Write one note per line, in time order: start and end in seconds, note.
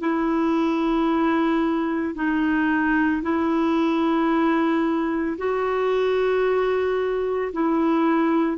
0.00 2.14 E4
2.14 3.21 D#4
3.22 5.36 E4
5.38 7.52 F#4
7.52 8.57 E4